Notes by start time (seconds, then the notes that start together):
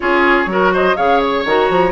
0.00 C#4 F4 G#4 C#5
0.46 F#3 F#4 A#4
0.73 C5 D#5
0.96 C#3 G#4 C#5 F5
1.20 C#5
1.45 D#3 F#4 A#5
1.69 F3